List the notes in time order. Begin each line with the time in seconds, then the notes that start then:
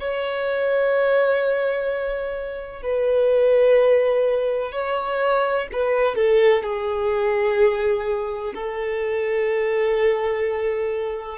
0.00 C#5
2.82 B4
4.72 C#5
5.73 B4
6.16 A4
6.63 G#4
8.55 A4